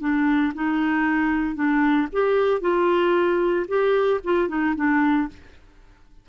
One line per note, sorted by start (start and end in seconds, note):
0.00 0.53 D4
0.54 1.55 D#4
1.55 2.07 D4
2.12 2.61 G4
2.61 3.66 F4
3.67 4.20 G4
4.24 4.48 F4
4.48 4.74 D#4
4.75 5.28 D4